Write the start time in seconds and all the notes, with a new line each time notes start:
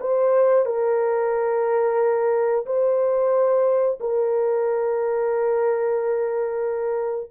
0.00 C5
0.65 A#4
2.65 C5
4.00 A#4